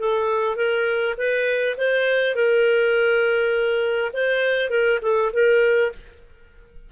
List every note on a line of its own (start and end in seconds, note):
0.00 0.56 A4
0.56 1.15 A#4
1.18 1.76 B4
1.78 2.36 C5
2.36 4.12 A#4
4.13 4.70 C5
4.70 4.99 A#4
5.02 5.32 A4
5.33 5.92 A#4